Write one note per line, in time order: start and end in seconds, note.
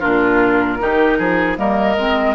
0.00 0.81 A#2
0.00 0.79 D4
0.00 0.78 F4
0.00 1.56 A#4
0.79 1.19 D#3
0.79 1.57 D#4
0.79 1.18 G4
1.18 1.58 F3
1.18 1.57 G#4
1.57 1.97 G3
1.57 1.96 A#3
1.57 2.35 A#4
1.57 2.35 D#5
1.97 2.35 G#3
1.97 2.35 C4